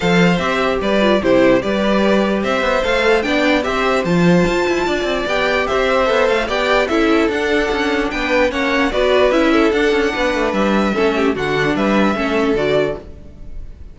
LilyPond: <<
  \new Staff \with { instrumentName = "violin" } { \time 4/4 \tempo 4 = 148 f''4 e''4 d''4 c''4 | d''2 e''4 f''4 | g''4 e''4 a''2~ | a''4 g''4 e''4. f''8 |
g''4 e''4 fis''2 | g''4 fis''4 d''4 e''4 | fis''2 e''2 | fis''4 e''2 d''4 | }
  \new Staff \with { instrumentName = "violin" } { \time 4/4 c''2 b'4 g'4 | b'2 c''2 | d''4 c''2. | d''2 c''2 |
d''4 a'2. | b'4 cis''4 b'4. a'8~ | a'4 b'2 a'8 g'8 | fis'4 b'4 a'2 | }
  \new Staff \with { instrumentName = "viola" } { \time 4/4 a'4 g'4. f'8 e'4 | g'2. a'4 | d'4 g'4 f'2~ | f'4 g'2 a'4 |
g'4 e'4 d'2~ | d'4 cis'4 fis'4 e'4 | d'2. cis'4 | d'2 cis'4 fis'4 | }
  \new Staff \with { instrumentName = "cello" } { \time 4/4 f4 c'4 g4 c4 | g2 c'8 b8 a4 | b4 c'4 f4 f'8 e'8 | d'8 c'8 b4 c'4 b8 a8 |
b4 cis'4 d'4 cis'4 | b4 ais4 b4 cis'4 | d'8 cis'8 b8 a8 g4 a4 | d4 g4 a4 d4 | }
>>